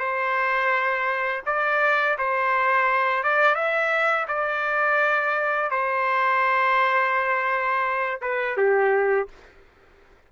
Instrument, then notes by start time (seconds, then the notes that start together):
trumpet
0.00 C5
1.46 D5
2.19 C5
3.24 D5
3.56 E5
4.28 D5
5.71 C5
8.22 B4
8.57 G4